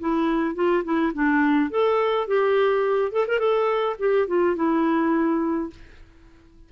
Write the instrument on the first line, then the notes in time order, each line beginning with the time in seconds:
clarinet
0.00 E4
0.55 F4
0.84 E4
1.14 D4
1.70 A4
2.27 G4
3.12 A4
3.28 A#4
3.39 A4
3.99 G4
4.28 F4
4.56 E4